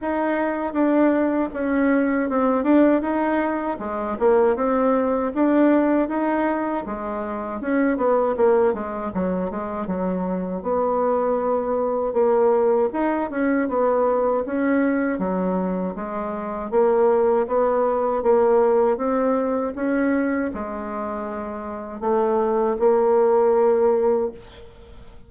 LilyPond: \new Staff \with { instrumentName = "bassoon" } { \time 4/4 \tempo 4 = 79 dis'4 d'4 cis'4 c'8 d'8 | dis'4 gis8 ais8 c'4 d'4 | dis'4 gis4 cis'8 b8 ais8 gis8 | fis8 gis8 fis4 b2 |
ais4 dis'8 cis'8 b4 cis'4 | fis4 gis4 ais4 b4 | ais4 c'4 cis'4 gis4~ | gis4 a4 ais2 | }